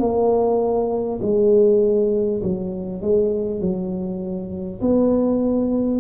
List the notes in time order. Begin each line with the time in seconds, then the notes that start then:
0.00 A#3
1.22 G#3
2.43 F#3
3.02 G#3
3.61 F#3
4.81 B3